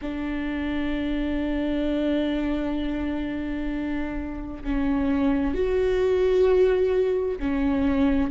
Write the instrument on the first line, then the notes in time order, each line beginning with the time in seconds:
viola
0.01 D4
4.63 C#4
5.54 F#4
7.38 C#4